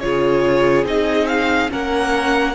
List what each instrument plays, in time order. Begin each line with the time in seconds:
0.00 cello C#3, viola F4, violin G#4 C#5
0.84 cello C4, viola D#4, violin D#5
1.27 violin F5
1.69 cello A#3, viola C#4, violin A#4 F#5